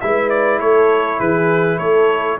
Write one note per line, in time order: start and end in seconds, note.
0.00 0.59 G#3
0.00 2.40 E4
0.00 0.59 B4
0.00 0.29 E5
0.29 0.59 D5
0.59 1.19 A3
0.59 1.19 A4
0.59 1.19 C#5
1.19 1.79 E3
1.19 1.77 G#4
1.19 1.78 B4
1.77 2.38 A3
1.77 2.37 A4
1.77 2.37 C#5